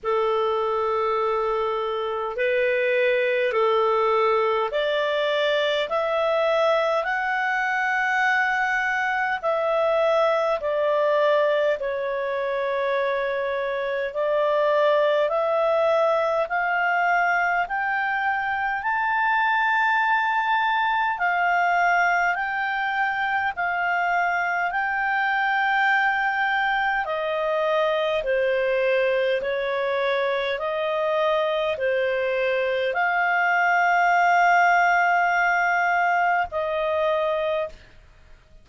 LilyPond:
\new Staff \with { instrumentName = "clarinet" } { \time 4/4 \tempo 4 = 51 a'2 b'4 a'4 | d''4 e''4 fis''2 | e''4 d''4 cis''2 | d''4 e''4 f''4 g''4 |
a''2 f''4 g''4 | f''4 g''2 dis''4 | c''4 cis''4 dis''4 c''4 | f''2. dis''4 | }